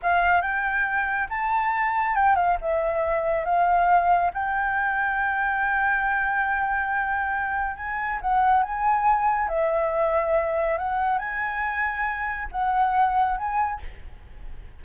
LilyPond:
\new Staff \with { instrumentName = "flute" } { \time 4/4 \tempo 4 = 139 f''4 g''2 a''4~ | a''4 g''8 f''8 e''2 | f''2 g''2~ | g''1~ |
g''2 gis''4 fis''4 | gis''2 e''2~ | e''4 fis''4 gis''2~ | gis''4 fis''2 gis''4 | }